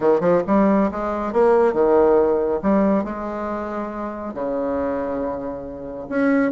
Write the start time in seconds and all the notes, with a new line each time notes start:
0.00 D#3
0.20 F3
0.47 G3
0.91 G#3
1.32 A#3
1.73 D#3
2.62 G3
3.04 G#3
4.33 C#3
6.09 C#4